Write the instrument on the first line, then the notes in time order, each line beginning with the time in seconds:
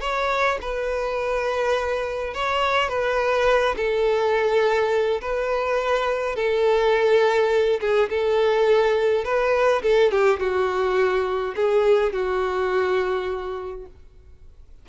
violin
0.00 C#5
0.61 B4
2.34 C#5
2.88 B4
3.76 A4
5.21 B4
6.35 A4
7.80 G#4
8.09 A4
9.24 B4
9.82 A4
10.11 G4
10.39 F#4
11.55 G#4
12.13 F#4